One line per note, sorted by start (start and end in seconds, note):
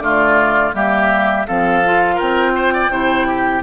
0.00 0.72 D3
0.00 0.73 A3
0.00 0.75 F4
0.00 0.73 D5
0.74 1.46 G3
0.74 1.46 A#3
0.74 1.47 G4
0.74 1.47 E5
1.47 2.21 F3
1.47 1.84 C4
1.47 2.15 A4
1.47 2.19 F5
1.85 2.90 F4
2.15 2.89 C4
2.15 2.52 A#4
2.15 3.63 G5
2.56 2.74 C5
2.74 2.91 D5
2.89 3.61 C3
2.89 3.63 E4
2.89 3.27 C5
3.27 3.63 G4